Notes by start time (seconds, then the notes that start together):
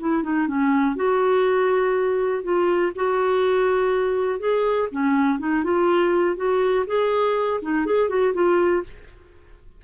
0.00 E4
0.23 D#4
0.48 C#4
0.96 F#4
2.43 F4
2.95 F#4
4.39 G#4
4.92 C#4
5.39 D#4
5.64 F4
6.36 F#4
6.87 G#4
7.62 D#4
7.86 G#4
8.09 F#4
8.34 F4